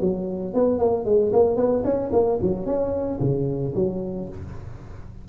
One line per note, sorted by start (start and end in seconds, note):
0.00 0.54 F#3
0.54 0.79 B3
0.79 1.05 A#3
1.05 1.32 G#3
1.33 1.56 A#3
1.56 1.83 B3
1.84 2.11 C#4
2.12 2.39 A#3
2.42 2.66 F#3
2.66 3.19 C#4
3.20 3.74 C#3
3.75 4.29 F#3